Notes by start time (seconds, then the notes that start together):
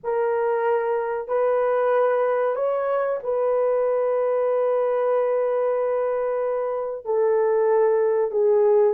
0.03 A#4
1.28 B4
2.55 C#5
3.23 B4
7.05 A4
8.31 G#4